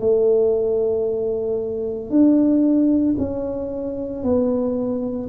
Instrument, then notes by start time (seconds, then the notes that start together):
tuba
0.00 A3
2.11 D4
3.19 C#4
4.23 B3